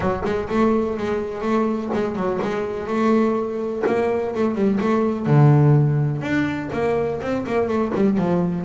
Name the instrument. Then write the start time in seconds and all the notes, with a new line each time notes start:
double bass
0.00 F#3
0.24 G#3
0.49 A3
0.97 G#3
1.41 A3
1.93 G#3
2.15 F#3
2.41 G#3
2.87 A3
3.86 A#3
4.34 A3
4.54 G3
4.80 A3
5.26 D3
6.21 D4
6.72 A#3
7.21 C4
7.46 A#3
7.68 A3
7.94 G3
8.17 F3